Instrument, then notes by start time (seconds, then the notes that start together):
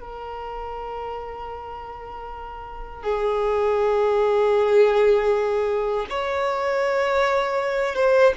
violin
0.00 A#4
3.02 G#4
6.09 C#5
7.95 C5